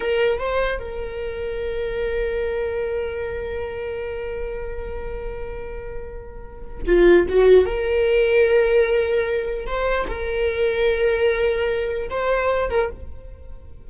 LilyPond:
\new Staff \with { instrumentName = "viola" } { \time 4/4 \tempo 4 = 149 ais'4 c''4 ais'2~ | ais'1~ | ais'1~ | ais'1~ |
ais'4 f'4 fis'4 ais'4~ | ais'1 | c''4 ais'2.~ | ais'2 c''4. ais'8 | }